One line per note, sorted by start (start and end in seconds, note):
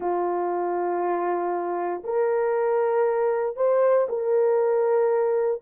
0.00 2.02 F4
2.03 3.56 A#4
3.56 4.07 C5
4.08 5.61 A#4